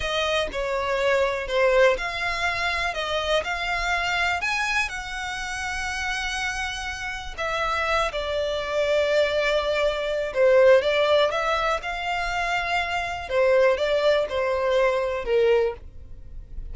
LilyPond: \new Staff \with { instrumentName = "violin" } { \time 4/4 \tempo 4 = 122 dis''4 cis''2 c''4 | f''2 dis''4 f''4~ | f''4 gis''4 fis''2~ | fis''2. e''4~ |
e''8 d''2.~ d''8~ | d''4 c''4 d''4 e''4 | f''2. c''4 | d''4 c''2 ais'4 | }